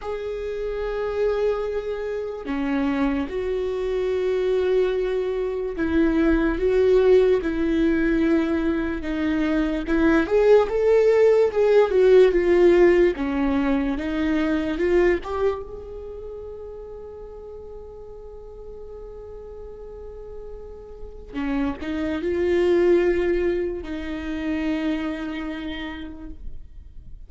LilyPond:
\new Staff \with { instrumentName = "viola" } { \time 4/4 \tempo 4 = 73 gis'2. cis'4 | fis'2. e'4 | fis'4 e'2 dis'4 | e'8 gis'8 a'4 gis'8 fis'8 f'4 |
cis'4 dis'4 f'8 g'8 gis'4~ | gis'1~ | gis'2 cis'8 dis'8 f'4~ | f'4 dis'2. | }